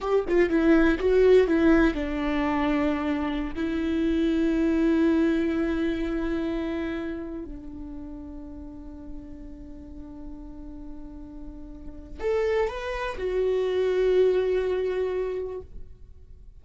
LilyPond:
\new Staff \with { instrumentName = "viola" } { \time 4/4 \tempo 4 = 123 g'8 f'8 e'4 fis'4 e'4 | d'2.~ d'16 e'8.~ | e'1~ | e'2.~ e'16 d'8.~ |
d'1~ | d'1~ | d'4 a'4 b'4 fis'4~ | fis'1 | }